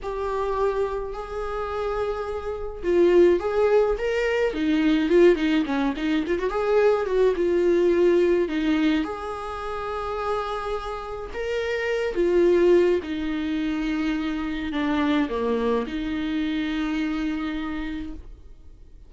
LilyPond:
\new Staff \with { instrumentName = "viola" } { \time 4/4 \tempo 4 = 106 g'2 gis'2~ | gis'4 f'4 gis'4 ais'4 | dis'4 f'8 dis'8 cis'8 dis'8 f'16 fis'16 gis'8~ | gis'8 fis'8 f'2 dis'4 |
gis'1 | ais'4. f'4. dis'4~ | dis'2 d'4 ais4 | dis'1 | }